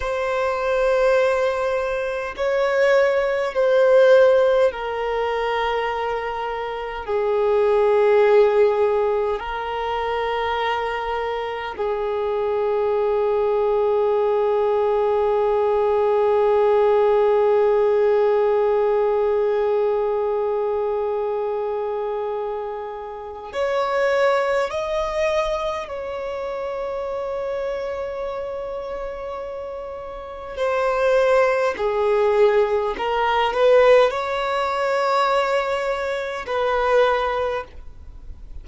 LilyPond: \new Staff \with { instrumentName = "violin" } { \time 4/4 \tempo 4 = 51 c''2 cis''4 c''4 | ais'2 gis'2 | ais'2 gis'2~ | gis'1~ |
gis'1 | cis''4 dis''4 cis''2~ | cis''2 c''4 gis'4 | ais'8 b'8 cis''2 b'4 | }